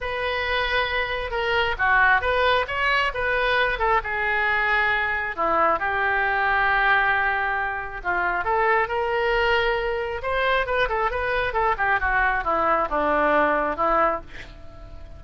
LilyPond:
\new Staff \with { instrumentName = "oboe" } { \time 4/4 \tempo 4 = 135 b'2. ais'4 | fis'4 b'4 cis''4 b'4~ | b'8 a'8 gis'2. | e'4 g'2.~ |
g'2 f'4 a'4 | ais'2. c''4 | b'8 a'8 b'4 a'8 g'8 fis'4 | e'4 d'2 e'4 | }